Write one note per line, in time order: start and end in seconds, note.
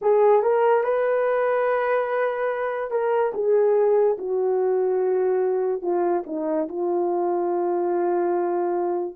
0.01 0.42 G#4
0.42 0.83 A#4
0.83 2.91 B4
2.91 3.32 A#4
3.33 4.17 G#4
4.17 5.81 F#4
5.81 6.23 F4
6.26 6.67 D#4
6.68 9.16 F4